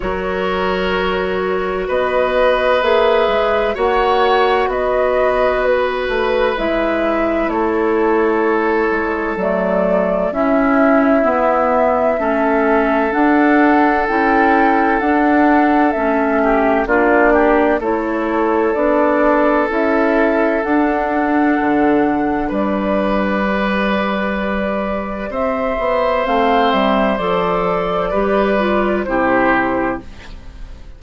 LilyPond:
<<
  \new Staff \with { instrumentName = "flute" } { \time 4/4 \tempo 4 = 64 cis''2 dis''4 e''4 | fis''4 dis''4 b'4 e''4 | cis''2 d''4 e''4~ | e''2 fis''4 g''4 |
fis''4 e''4 d''4 cis''4 | d''4 e''4 fis''2 | d''2. e''4 | f''8 e''8 d''2 c''4 | }
  \new Staff \with { instrumentName = "oboe" } { \time 4/4 ais'2 b'2 | cis''4 b'2. | a'2. e'4~ | e'4 a'2.~ |
a'4. g'8 f'8 g'8 a'4~ | a'1 | b'2. c''4~ | c''2 b'4 g'4 | }
  \new Staff \with { instrumentName = "clarinet" } { \time 4/4 fis'2. gis'4 | fis'2. e'4~ | e'2 a4 cis'4 | b4 cis'4 d'4 e'4 |
d'4 cis'4 d'4 e'4 | d'4 e'4 d'2~ | d'4 g'2. | c'4 a'4 g'8 f'8 e'4 | }
  \new Staff \with { instrumentName = "bassoon" } { \time 4/4 fis2 b4 ais8 gis8 | ais4 b4. a8 gis4 | a4. gis8 fis4 cis'4 | b4 a4 d'4 cis'4 |
d'4 a4 ais4 a4 | b4 cis'4 d'4 d4 | g2. c'8 b8 | a8 g8 f4 g4 c4 | }
>>